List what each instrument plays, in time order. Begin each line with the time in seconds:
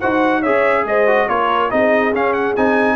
0.00 tuba D#4, trombone F#4, horn C5, trumpet F#5
0.41 tuba C#4, trombone G#4, horn C#5, trumpet E5
0.85 tuba G#3, horn C5, trumpet D#5
1.08 trombone F#4
1.28 tuba A#3, trombone F4, horn A#4, trumpet C#5
1.70 tuba C4, trombone D#4, horn G#4, trumpet D#5
2.12 tuba C#4, trombone C#4, trumpet F5
2.33 trumpet F#5
2.56 tuba C4, trombone D#4, trumpet G#5